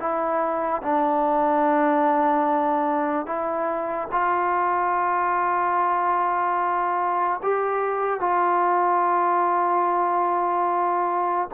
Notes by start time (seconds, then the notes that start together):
0.00 E4
0.83 D4
3.27 E4
4.12 F4
7.43 G4
8.20 F4